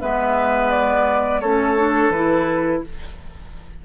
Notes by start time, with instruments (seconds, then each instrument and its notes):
0.00 bassoon G#3, clarinet B3, oboe B4, flute E5
0.70 flute D5
1.40 bassoon A3, clarinet C#4, oboe A4, flute C#5
1.77 clarinet D4
2.09 bassoon E3, clarinet E4, flute B4